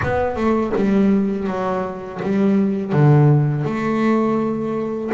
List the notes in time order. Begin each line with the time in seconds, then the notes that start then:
0.02 B3
0.36 A3
0.75 G3
1.47 F#3
2.22 G3
2.92 D3
3.64 A3